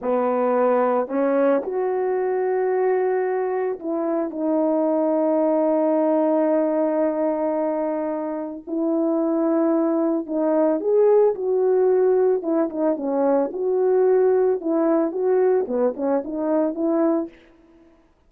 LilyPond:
\new Staff \with { instrumentName = "horn" } { \time 4/4 \tempo 4 = 111 b2 cis'4 fis'4~ | fis'2. e'4 | dis'1~ | dis'1 |
e'2. dis'4 | gis'4 fis'2 e'8 dis'8 | cis'4 fis'2 e'4 | fis'4 b8 cis'8 dis'4 e'4 | }